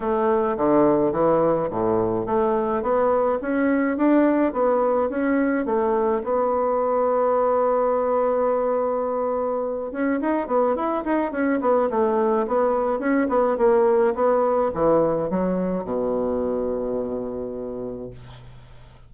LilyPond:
\new Staff \with { instrumentName = "bassoon" } { \time 4/4 \tempo 4 = 106 a4 d4 e4 a,4 | a4 b4 cis'4 d'4 | b4 cis'4 a4 b4~ | b1~ |
b4. cis'8 dis'8 b8 e'8 dis'8 | cis'8 b8 a4 b4 cis'8 b8 | ais4 b4 e4 fis4 | b,1 | }